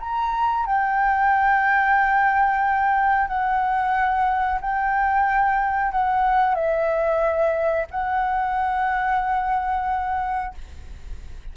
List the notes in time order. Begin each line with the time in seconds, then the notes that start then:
0.00 A#5
0.66 G5
3.28 F#5
4.61 G5
5.92 F#5
6.55 E5
7.91 F#5